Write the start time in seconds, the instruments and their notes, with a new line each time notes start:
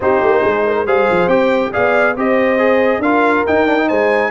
0.00 tuba C4, trombone D#4, horn G4, trumpet C5
0.22 tuba A#3
0.41 tuba G#3, horn G#4
0.66 horn A#4
0.85 tuba G3, trombone G#4, horn C5, trumpet F5
1.10 tuba F3
1.27 tuba C4, trombone G4, trumpet G5
1.72 tuba B3, trombone G#4, horn D5, trumpet F5
2.16 tuba C4, trombone G4, horn C5, trumpet D#5
2.58 trombone G#4
2.99 tuba D4, trombone F4, horn A#4, trumpet F5
3.46 trombone D#4, tuba D#4, trumpet G5
3.67 trombone D4
3.78 trombone D#4
3.87 tuba G#3, horn C5, trumpet G#5